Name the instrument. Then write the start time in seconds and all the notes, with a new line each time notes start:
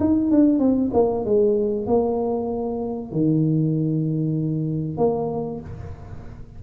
tuba
0.00 D#4
0.31 D4
0.59 C4
0.94 A#3
1.25 G#3
1.87 A#3
3.12 D#3
4.98 A#3